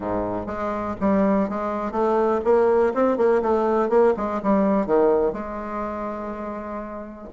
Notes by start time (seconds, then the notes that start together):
0.00 G#2
0.46 G#3
1.00 G3
1.49 G#3
1.91 A3
2.44 A#3
2.94 C4
3.17 A#3
3.41 A3
3.89 A#3
4.16 G#3
4.42 G3
4.86 D#3
5.32 G#3